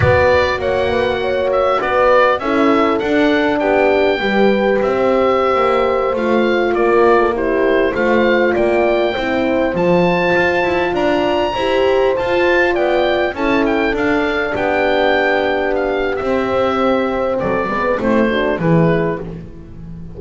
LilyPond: <<
  \new Staff \with { instrumentName = "oboe" } { \time 4/4 \tempo 4 = 100 d''4 fis''4. e''8 d''4 | e''4 fis''4 g''2 | e''2~ e''16 f''4 d''8.~ | d''16 c''4 f''4 g''4.~ g''16~ |
g''16 a''2 ais''4.~ ais''16~ | ais''16 a''4 g''4 a''8 g''8 f''8.~ | f''16 g''2 f''8. e''4~ | e''4 d''4 c''4 b'4 | }
  \new Staff \with { instrumentName = "horn" } { \time 4/4 b'4 cis''8 b'8 cis''4 b'4 | a'2 g'4 b'4~ | b'16 c''2. ais'8. | a'16 g'4 c''4 d''4 c''8.~ |
c''2~ c''16 d''4 c''8.~ | c''4~ c''16 d''4 a'4.~ a'16~ | a'16 g'2.~ g'8.~ | g'4 a'8 b'8 e'8 fis'8 gis'4 | }
  \new Staff \with { instrumentName = "horn" } { \time 4/4 fis'1 | e'4 d'2 g'4~ | g'2~ g'16 f'4.~ f'16~ | f'16 e'4 f'2 e'8.~ |
e'16 f'2. g'8.~ | g'16 f'2 e'4 d'8.~ | d'2. c'4~ | c'4. b8 c'8 d'8 e'4 | }
  \new Staff \with { instrumentName = "double bass" } { \time 4/4 b4 ais2 b4 | cis'4 d'4 b4 g4 | c'4~ c'16 ais4 a4 ais8.~ | ais4~ ais16 a4 ais4 c'8.~ |
c'16 f4 f'8 e'8 d'4 e'8.~ | e'16 f'4 b4 cis'4 d'8.~ | d'16 b2~ b8. c'4~ | c'4 fis8 gis8 a4 e4 | }
>>